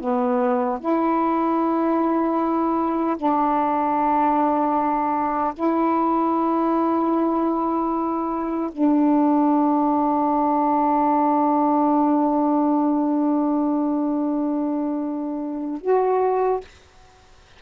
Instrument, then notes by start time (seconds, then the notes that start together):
saxophone
0.00 B3
0.80 E4
3.17 D4
5.54 E4
8.72 D4
15.81 F#4